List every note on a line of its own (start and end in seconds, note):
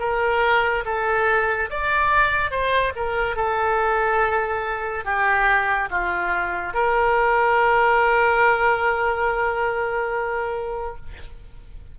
0.00 0.85 A#4
0.86 1.70 A4
1.71 2.51 D5
2.51 2.93 C5
2.96 3.36 A#4
3.36 5.05 A4
5.05 5.90 G4
5.91 6.74 F4
6.74 10.96 A#4